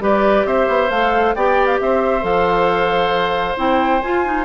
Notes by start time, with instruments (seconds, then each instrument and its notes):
0.00 bassoon G3, clarinet G4, oboe B4, flute D5
0.45 bassoon C4, oboe C5, flute E5
0.68 bassoon B3
0.90 bassoon A3, clarinet A4, flute F5
1.35 bassoon B3, clarinet G4, oboe D5, flute G5
1.66 flute F5
1.80 bassoon C4, oboe C5, flute E5
2.22 bassoon F3, clarinet A4, flute F5
3.57 bassoon C4, clarinet E4, flute G5
4.02 clarinet F4, bassoon F4, flute G#5
4.25 clarinet D#4